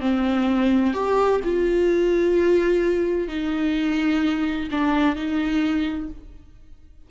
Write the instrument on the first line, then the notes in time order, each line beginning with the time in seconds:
viola
0.00 C4
0.93 G4
1.44 F4
3.28 D#4
4.71 D4
5.15 D#4